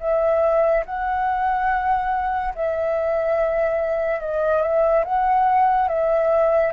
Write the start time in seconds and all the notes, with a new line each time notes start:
0.00 E5
0.86 F#5
2.55 E5
4.21 D#5
4.62 E5
5.05 F#5
5.88 E5